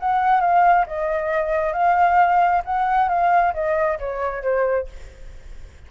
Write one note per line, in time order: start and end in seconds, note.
0.00 0.41 F#5
0.41 0.86 F5
0.87 1.73 D#5
1.73 2.63 F5
2.65 3.09 F#5
3.09 3.54 F5
3.54 3.99 D#5
3.99 4.43 C#5
4.43 4.87 C5